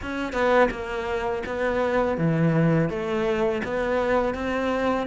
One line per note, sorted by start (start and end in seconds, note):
0.02 0.33 C#4
0.33 0.69 B3
0.70 1.43 A#3
1.46 2.17 B3
2.17 2.89 E3
2.89 3.61 A3
3.64 4.34 B3
4.34 5.06 C4